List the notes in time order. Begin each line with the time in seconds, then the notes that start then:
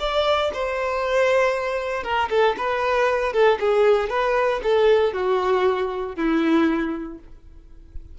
0.00 D5
0.53 C5
2.03 A#4
2.30 A4
2.57 B4
3.33 A4
3.60 G#4
4.10 B4
4.63 A4
5.14 F#4
6.16 E4